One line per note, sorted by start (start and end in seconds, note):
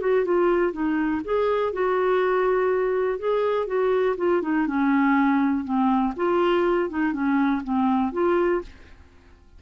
0.00 0.24 F#4
0.24 0.72 F4
0.72 1.21 D#4
1.24 1.72 G#4
1.72 3.18 F#4
3.18 3.67 G#4
3.67 4.16 F#4
4.17 4.42 F4
4.42 4.66 D#4
4.67 5.64 C#4
5.64 6.13 C4
6.16 6.89 F4
6.89 7.12 D#4
7.12 7.61 C#4
7.63 8.12 C4
8.12 8.61 F4